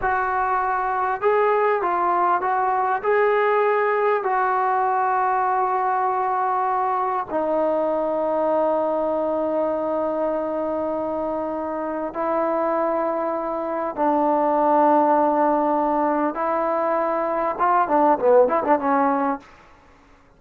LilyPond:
\new Staff \with { instrumentName = "trombone" } { \time 4/4 \tempo 4 = 99 fis'2 gis'4 f'4 | fis'4 gis'2 fis'4~ | fis'1 | dis'1~ |
dis'1 | e'2. d'4~ | d'2. e'4~ | e'4 f'8 d'8 b8 e'16 d'16 cis'4 | }